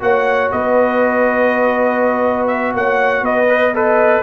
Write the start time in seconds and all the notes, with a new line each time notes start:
0.00 A#3 F#4 C#5 F#5
0.51 B3 B4 D#5
2.47 E5
2.74 A#3 C#5 F#5
3.22 B3 B4 D#5
3.49 B4
3.74 A4 B4 D#5